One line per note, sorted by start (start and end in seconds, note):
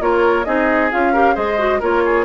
0.00 0.45 A#3
0.00 0.44 F4
0.00 0.46 A#4
0.00 0.44 C#5
0.44 0.92 C4
0.44 0.90 D#4
0.44 1.13 G#4
0.44 0.90 D#5
0.91 1.37 C#4
0.91 1.14 F4
0.91 1.36 F5
1.13 1.34 G4
1.13 1.34 A#4
1.34 1.82 G#3
1.34 1.57 G#4
1.34 1.80 C5
1.34 1.81 D#5
1.58 1.80 F#4
1.80 2.25 A#3
1.80 2.25 F4
1.80 2.02 A#4
1.80 2.25 C#5
2.05 2.25 G#4